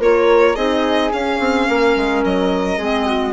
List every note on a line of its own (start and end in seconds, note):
0.00 0.56 A#3
0.00 0.56 F4
0.00 0.56 A#4
0.00 0.56 C#5
0.56 1.12 C4
0.56 1.12 D#4
0.56 1.68 G#4
0.56 1.12 D#5
1.13 2.80 C#4
1.13 1.40 C#4
1.13 2.24 F5
1.40 1.68 C4
1.69 1.96 A#3
1.69 2.78 A#4
1.96 2.24 G#3
2.25 2.78 F#3
2.25 3.33 D#5
2.78 3.33 G#3
2.78 3.33 C4
2.78 3.06 G#4
3.07 3.33 F#4